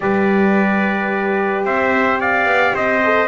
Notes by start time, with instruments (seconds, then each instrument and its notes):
0.00 double bass G3, horn G4, trumpet B4 D5
1.64 double bass C4, trumpet C5 E5
2.20 trumpet D5 F5
2.45 double bass B3
2.74 double bass C4, trumpet C5 D#5
3.04 horn A4